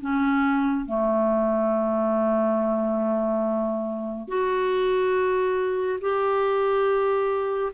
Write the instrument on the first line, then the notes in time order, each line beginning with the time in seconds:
clarinet
0.00 C#4
0.85 A3
4.28 F#4
6.01 G4